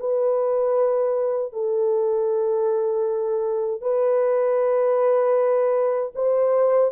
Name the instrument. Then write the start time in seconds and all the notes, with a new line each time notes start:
horn
0.00 B4
1.53 A4
3.81 B4
6.15 C5